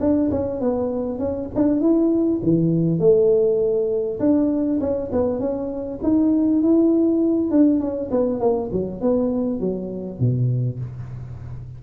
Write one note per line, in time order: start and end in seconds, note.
0.00 0.30 D4
0.31 0.61 C#4
0.61 1.19 B3
1.19 1.49 C#4
1.55 1.81 D4
1.81 2.41 E4
2.43 2.99 E3
2.99 4.19 A3
4.20 4.80 D4
4.81 5.11 C#4
5.12 5.39 B3
5.39 5.99 C#4
6.03 6.62 D#4
6.62 7.51 E4
7.51 7.80 D4
7.80 8.10 C#4
8.11 8.40 B3
8.40 8.70 A#3
8.72 9.01 F#3
9.01 9.60 B3
9.60 10.20 F#3
10.20 10.80 B2